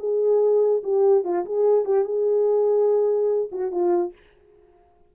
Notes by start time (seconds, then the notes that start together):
0.00 G#4
0.84 G4
1.25 F4
1.46 G#4
1.85 G4
2.05 G#4
3.52 F#4
3.72 F4